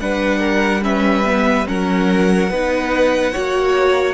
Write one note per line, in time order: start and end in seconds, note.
0.00 1.67 G3
0.00 0.82 D4
0.00 0.40 B4
0.00 0.83 F#5
0.40 0.81 A#4
0.82 1.24 C#4
0.82 1.67 B4
0.82 1.67 E5
1.25 1.66 B3
1.66 2.51 F#3
1.66 2.49 C#4
1.66 2.49 A#4
1.66 4.14 F#5
2.49 3.34 B3
2.49 3.33 D#4
2.49 3.32 B4
3.32 4.14 A#3
3.32 4.14 F#4
3.32 4.14 C#5